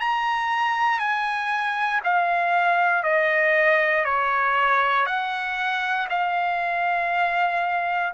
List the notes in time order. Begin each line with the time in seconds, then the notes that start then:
0.00 A#5
0.99 G#5
2.04 F5
3.03 D#5
4.05 C#5
5.06 F#5
6.10 F5